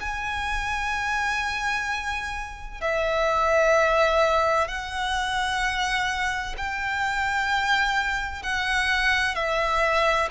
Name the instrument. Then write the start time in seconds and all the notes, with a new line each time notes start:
violin
0.00 G#5
2.81 E5
4.68 F#5
6.58 G5
8.42 F#5
9.35 E5